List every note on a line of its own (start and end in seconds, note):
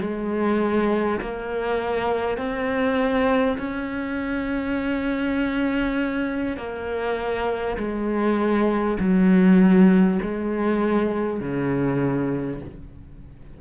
0.00 1.20 G#3
1.21 2.37 A#3
2.37 3.57 C4
3.58 6.57 C#4
6.57 7.77 A#3
7.77 8.97 G#3
8.99 10.19 F#3
10.22 11.41 G#3
11.41 12.61 C#3